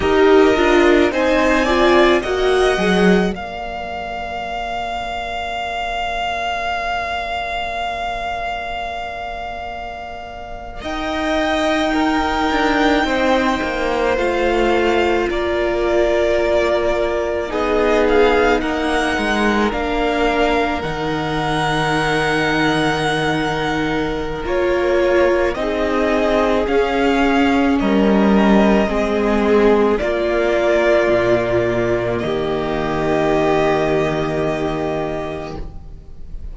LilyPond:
<<
  \new Staff \with { instrumentName = "violin" } { \time 4/4 \tempo 4 = 54 dis''4 gis''4 fis''4 f''4~ | f''1~ | f''4.~ f''16 g''2~ g''16~ | g''8. f''4 d''2 dis''16~ |
dis''16 f''8 fis''4 f''4 fis''4~ fis''16~ | fis''2 cis''4 dis''4 | f''4 dis''2 d''4~ | d''4 dis''2. | }
  \new Staff \with { instrumentName = "violin" } { \time 4/4 ais'4 c''8 d''8 dis''4 d''4~ | d''1~ | d''4.~ d''16 dis''4 ais'4 c''16~ | c''4.~ c''16 ais'2 gis'16~ |
gis'8. ais'2.~ ais'16~ | ais'2. gis'4~ | gis'4 ais'4 gis'4 f'4~ | f'4 g'2. | }
  \new Staff \with { instrumentName = "viola" } { \time 4/4 g'8 f'8 dis'8 f'8 fis'8 gis'8 ais'4~ | ais'1~ | ais'2~ ais'8. dis'4~ dis'16~ | dis'8. f'2. dis'16~ |
dis'4.~ dis'16 d'4 dis'4~ dis'16~ | dis'2 f'4 dis'4 | cis'2 c'4 ais4~ | ais1 | }
  \new Staff \with { instrumentName = "cello" } { \time 4/4 dis'8 d'8 c'4 ais8 fis8 ais4~ | ais1~ | ais4.~ ais16 dis'4. d'8 c'16~ | c'16 ais8 a4 ais2 b16~ |
b8. ais8 gis8 ais4 dis4~ dis16~ | dis2 ais4 c'4 | cis'4 g4 gis4 ais4 | ais,4 dis2. | }
>>